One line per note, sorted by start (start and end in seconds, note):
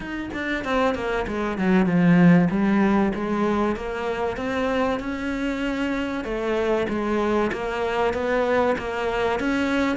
0.00 0.29 D#4
0.33 0.64 D4
0.64 0.94 C4
0.94 1.26 A#3
1.27 1.57 G#3
1.57 1.86 F#3
1.86 2.48 F3
2.50 3.12 G3
3.14 3.76 G#3
3.76 4.37 A#3
4.37 4.99 C4
4.99 6.24 C#4
6.24 6.87 A3
6.88 7.51 G#3
7.52 8.13 A#3
8.13 8.76 B3
8.78 9.39 A#3
9.39 9.97 C#4